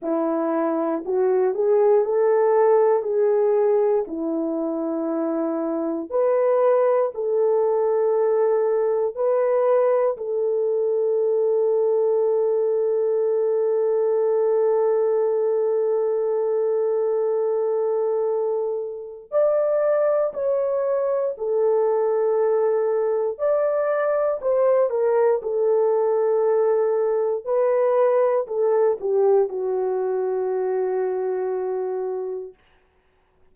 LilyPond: \new Staff \with { instrumentName = "horn" } { \time 4/4 \tempo 4 = 59 e'4 fis'8 gis'8 a'4 gis'4 | e'2 b'4 a'4~ | a'4 b'4 a'2~ | a'1~ |
a'2. d''4 | cis''4 a'2 d''4 | c''8 ais'8 a'2 b'4 | a'8 g'8 fis'2. | }